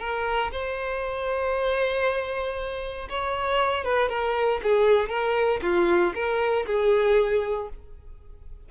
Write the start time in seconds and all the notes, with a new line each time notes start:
0.00 A#4
0.52 C5
3.10 C#5
3.84 B4
4.09 A#4
4.63 G#4
5.09 A#4
5.62 F4
6.15 A#4
6.66 G#4